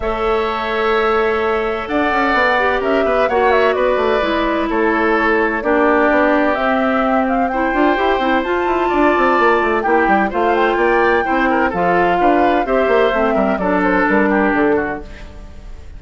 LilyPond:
<<
  \new Staff \with { instrumentName = "flute" } { \time 4/4 \tempo 4 = 128 e''1 | fis''2 e''4 fis''8 e''8 | d''2 cis''2 | d''2 e''4. f''8 |
g''2 a''2~ | a''4 g''4 f''8 g''4.~ | g''4 f''2 e''4~ | e''4 d''8 c''8 ais'4 a'4 | }
  \new Staff \with { instrumentName = "oboe" } { \time 4/4 cis''1 | d''2 ais'8 b'8 cis''4 | b'2 a'2 | g'1 |
c''2. d''4~ | d''4 g'4 c''4 d''4 | c''8 ais'8 a'4 b'4 c''4~ | c''8 ais'8 a'4. g'4 fis'8 | }
  \new Staff \with { instrumentName = "clarinet" } { \time 4/4 a'1~ | a'4. g'4. fis'4~ | fis'4 e'2. | d'2 c'2 |
e'8 f'8 g'8 e'8 f'2~ | f'4 e'4 f'2 | e'4 f'2 g'4 | c'4 d'2. | }
  \new Staff \with { instrumentName = "bassoon" } { \time 4/4 a1 | d'8 cis'8 b4 cis'8 b8 ais4 | b8 a8 gis4 a2 | ais4 b4 c'2~ |
c'8 d'8 e'8 c'8 f'8 e'8 d'8 c'8 | ais8 a8 ais8 g8 a4 ais4 | c'4 f4 d'4 c'8 ais8 | a8 g8 fis4 g4 d4 | }
>>